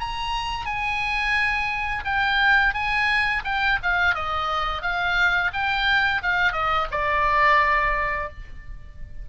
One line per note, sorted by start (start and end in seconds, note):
0.00 0.66 A#5
0.66 2.03 G#5
2.05 2.74 G5
2.74 3.43 G#5
3.45 3.79 G5
3.82 4.15 F5
4.15 4.82 D#5
4.82 5.51 F5
5.53 6.22 G5
6.23 6.52 F5
6.52 6.87 D#5
6.91 8.29 D5